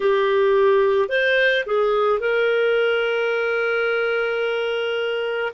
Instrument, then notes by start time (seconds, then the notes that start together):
clarinet
0.00 G4
1.08 C5
1.66 G#4
2.19 A#4